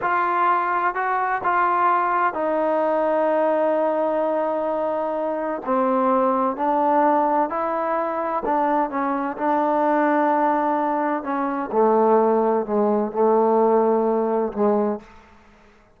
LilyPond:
\new Staff \with { instrumentName = "trombone" } { \time 4/4 \tempo 4 = 128 f'2 fis'4 f'4~ | f'4 dis'2.~ | dis'1 | c'2 d'2 |
e'2 d'4 cis'4 | d'1 | cis'4 a2 gis4 | a2. gis4 | }